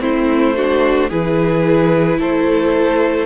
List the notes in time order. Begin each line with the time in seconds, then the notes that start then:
0.00 A3 C4 E4 C5
0.57 D4 F#4
1.10 E3 E4 G#4 B4
2.19 A3 A4 C5